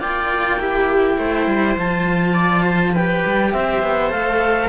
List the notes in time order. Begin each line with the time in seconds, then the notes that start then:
0.00 A#3 F4 D5 G5
0.60 E4 G4
1.18 A3 C5
1.47 G3
1.76 F3 F4 A5
2.34 D5
2.63 C5
2.93 G4 B4 G5
3.26 G3
3.53 C4 C5 E5
3.83 B3
4.10 A3 A4 F5